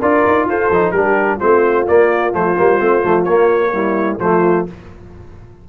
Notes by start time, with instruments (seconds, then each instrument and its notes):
0.00 tuba D4, trombone F4, horn A#4, trumpet D5
0.27 tuba D#4
0.46 tuba F4, horn A4, trumpet C5
0.71 tuba F3, trombone D#4
0.92 tuba G3, trombone D4, horn G4, trumpet A#4
1.37 tuba A3, trombone C4, horn F4, trumpet C5
1.87 trombone A#3, tuba A#3, trumpet D5
2.33 tuba F3, trombone A3, trumpet C5
2.58 tuba G3, trombone A#3
2.79 tuba A3, trombone C4
3.03 tuba F3, trombone A3
3.24 tuba A#3, trombone A#3, trumpet C#5
3.73 trombone G3, horn E4
4.20 tuba F3, trombone A3, horn F4, trumpet C5